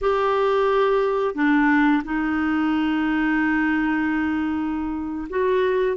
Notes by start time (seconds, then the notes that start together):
0.01 G4
1.34 D4
2.04 D#4
5.29 F#4